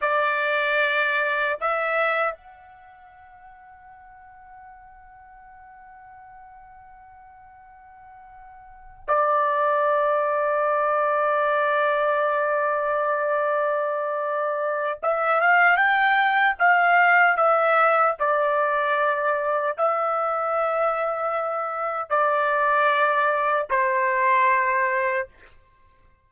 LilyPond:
\new Staff \with { instrumentName = "trumpet" } { \time 4/4 \tempo 4 = 76 d''2 e''4 fis''4~ | fis''1~ | fis''2.~ fis''8 d''8~ | d''1~ |
d''2. e''8 f''8 | g''4 f''4 e''4 d''4~ | d''4 e''2. | d''2 c''2 | }